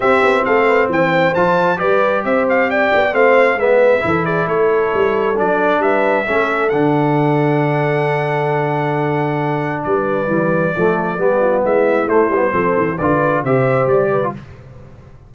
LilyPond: <<
  \new Staff \with { instrumentName = "trumpet" } { \time 4/4 \tempo 4 = 134 e''4 f''4 g''4 a''4 | d''4 e''8 f''8 g''4 f''4 | e''4. d''8 cis''2 | d''4 e''2 fis''4~ |
fis''1~ | fis''2 d''2~ | d''2 e''4 c''4~ | c''4 d''4 e''4 d''4 | }
  \new Staff \with { instrumentName = "horn" } { \time 4/4 g'4 a'8 b'8 c''2 | b'4 c''4 d''4 c''4 | b'4 a'8 gis'8 a'2~ | a'4 b'4 a'2~ |
a'1~ | a'2 b'2 | a'4 g'8 f'8 e'2 | a'4 b'4 c''4. b'8 | }
  \new Staff \with { instrumentName = "trombone" } { \time 4/4 c'2. f'4 | g'2. c'4 | b4 e'2. | d'2 cis'4 d'4~ |
d'1~ | d'2. g4 | a4 b2 a8 b8 | c'4 f'4 g'4.~ g'16 f'16 | }
  \new Staff \with { instrumentName = "tuba" } { \time 4/4 c'8 b8 a4 e4 f4 | g4 c'4. b8 a4 | gis4 e4 a4 g4 | fis4 g4 a4 d4~ |
d1~ | d2 g4 e4 | f4 g4 gis4 a8 g8 | f8 e8 d4 c4 g4 | }
>>